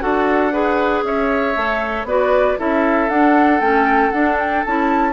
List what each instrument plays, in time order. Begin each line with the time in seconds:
0.00 bassoon D4, clarinet F#4, oboe A4, flute F#5
0.52 clarinet G#4, oboe B4
1.03 bassoon C#4, oboe C#5, flute E5
1.56 bassoon A3, clarinet A4
2.04 bassoon B3, clarinet F#4, oboe B4, flute D5
2.57 bassoon C#4, clarinet E4, oboe A4, flute E5
3.09 bassoon D4, clarinet D4, flute F#5
3.60 bassoon A3, clarinet C#4, flute G5
4.11 bassoon D4, clarinet D4, flute F#5
4.39 flute G5
4.65 bassoon C#4, clarinet E4, flute A5